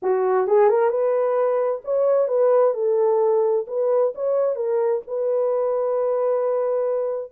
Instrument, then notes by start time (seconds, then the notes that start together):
horn
0.02 F#4
0.47 G#4
0.69 A#4
0.89 B4
1.84 C#5
2.28 B4
2.74 A4
3.67 B4
4.15 C#5
4.55 A#4
5.07 B4